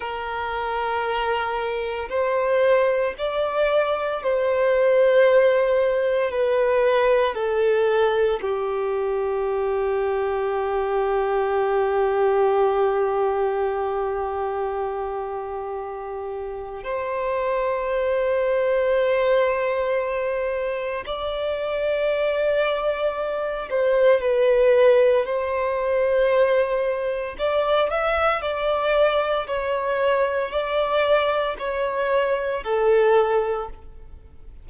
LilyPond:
\new Staff \with { instrumentName = "violin" } { \time 4/4 \tempo 4 = 57 ais'2 c''4 d''4 | c''2 b'4 a'4 | g'1~ | g'1 |
c''1 | d''2~ d''8 c''8 b'4 | c''2 d''8 e''8 d''4 | cis''4 d''4 cis''4 a'4 | }